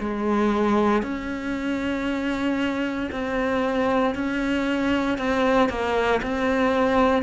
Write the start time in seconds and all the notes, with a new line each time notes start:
0.00 G#3
1.03 C#4
3.12 C4
4.15 C#4
5.18 C4
5.69 A#3
6.23 C4